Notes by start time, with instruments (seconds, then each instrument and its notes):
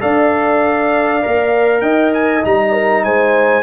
0.00 tuba D4, trombone A4, horn D5, trumpet F5
1.22 tuba A#3, trombone A#4
1.81 tuba D#4, horn D#5, trumpet G5
2.13 trumpet G#5
2.43 tuba G3, trombone D#4, trumpet A#5
2.72 horn A#4
3.04 tuba G#3, horn C5, trumpet G#5